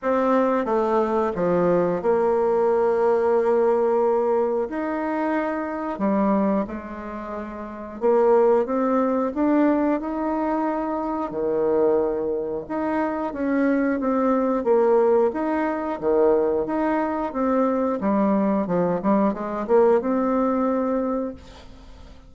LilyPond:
\new Staff \with { instrumentName = "bassoon" } { \time 4/4 \tempo 4 = 90 c'4 a4 f4 ais4~ | ais2. dis'4~ | dis'4 g4 gis2 | ais4 c'4 d'4 dis'4~ |
dis'4 dis2 dis'4 | cis'4 c'4 ais4 dis'4 | dis4 dis'4 c'4 g4 | f8 g8 gis8 ais8 c'2 | }